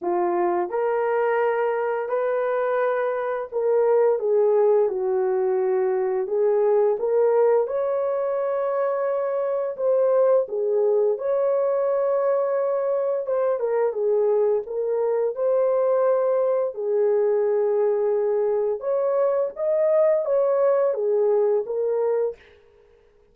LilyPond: \new Staff \with { instrumentName = "horn" } { \time 4/4 \tempo 4 = 86 f'4 ais'2 b'4~ | b'4 ais'4 gis'4 fis'4~ | fis'4 gis'4 ais'4 cis''4~ | cis''2 c''4 gis'4 |
cis''2. c''8 ais'8 | gis'4 ais'4 c''2 | gis'2. cis''4 | dis''4 cis''4 gis'4 ais'4 | }